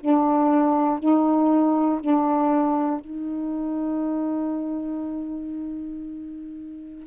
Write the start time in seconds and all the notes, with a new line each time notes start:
0.00 D4
0.99 D#4
2.00 D4
3.00 D#4